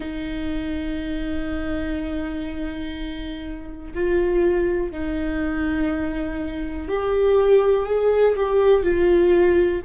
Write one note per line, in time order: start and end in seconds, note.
0.00 3.93 D#4
3.94 4.91 F4
4.91 6.88 D#4
6.88 7.86 G4
7.86 8.35 G#4
8.35 8.83 G4
8.83 9.81 F4